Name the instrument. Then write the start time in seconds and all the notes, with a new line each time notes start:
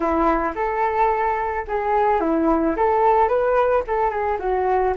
flute
0.00 E4
0.55 A4
1.67 G#4
2.20 E4
2.76 A4
3.28 B4
3.87 A4
4.10 G#4
4.39 F#4